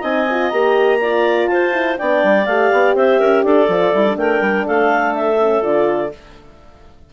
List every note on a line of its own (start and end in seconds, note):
0.00 0.51 C4
0.00 0.27 D#4
0.00 0.98 D#5
0.00 0.50 G#5
0.30 0.52 F4
0.50 1.48 A#3
0.50 1.01 G4
0.50 1.47 A#5
1.01 1.72 F4
1.01 1.49 D5
1.47 1.96 F4
1.47 1.99 C5
1.47 1.96 A5
1.72 1.96 E4
1.97 2.23 B3
1.97 2.46 D4
1.97 2.95 D5
1.97 2.45 G5
2.23 2.46 G3
2.45 2.71 A3
2.45 3.69 G4
2.45 2.94 F5
2.72 2.94 B3
2.94 3.19 C4
2.94 3.20 C5
2.94 3.44 E5
3.20 3.44 C#4
3.20 3.44 A#4
3.44 3.68 D4
3.44 4.17 A4
3.44 4.17 D5
3.68 3.92 F3
3.68 3.93 F4
3.93 4.16 G3
3.93 4.04 E4
4.04 5.38 D4
4.16 4.40 A3
4.16 4.66 A#4
4.16 4.66 G5
4.40 4.65 G3
4.66 5.62 A3
4.66 6.12 A4
4.66 5.14 F5
5.14 5.63 E5
5.39 5.62 C#4
5.62 6.11 D3
5.62 6.10 F4
5.62 6.12 D5